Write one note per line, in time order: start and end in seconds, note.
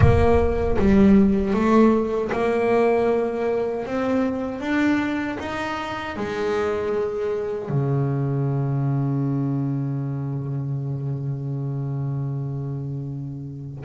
0.00 0.77 A#3
0.78 1.53 G3
1.53 2.30 A3
2.31 3.85 A#3
3.85 4.60 C4
4.60 5.37 D4
5.39 6.16 D#4
6.16 7.69 G#3
7.69 13.84 C#3